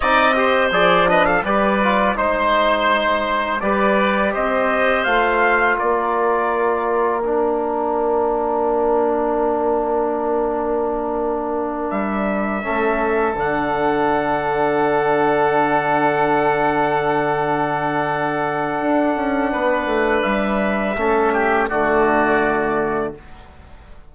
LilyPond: <<
  \new Staff \with { instrumentName = "trumpet" } { \time 4/4 \tempo 4 = 83 dis''4 d''8 dis''16 f''16 d''4 c''4~ | c''4 d''4 dis''4 f''4 | d''2 f''2~ | f''1~ |
f''8 e''2 fis''4.~ | fis''1~ | fis''1 | e''2 d''2 | }
  \new Staff \with { instrumentName = "oboe" } { \time 4/4 d''8 c''4 b'16 a'16 b'4 c''4~ | c''4 b'4 c''2 | ais'1~ | ais'1~ |
ais'4. a'2~ a'8~ | a'1~ | a'2. b'4~ | b'4 a'8 g'8 fis'2 | }
  \new Staff \with { instrumentName = "trombone" } { \time 4/4 dis'8 g'8 gis'8 d'8 g'8 f'8 dis'4~ | dis'4 g'2 f'4~ | f'2 d'2~ | d'1~ |
d'4. cis'4 d'4.~ | d'1~ | d'1~ | d'4 cis'4 a2 | }
  \new Staff \with { instrumentName = "bassoon" } { \time 4/4 c'4 f4 g4 gis4~ | gis4 g4 c'4 a4 | ais1~ | ais1~ |
ais8 g4 a4 d4.~ | d1~ | d2 d'8 cis'8 b8 a8 | g4 a4 d2 | }
>>